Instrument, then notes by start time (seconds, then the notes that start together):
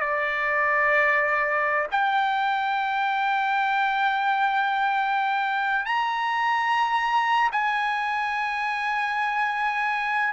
trumpet
0.00 D5
1.91 G5
5.86 A#5
7.53 G#5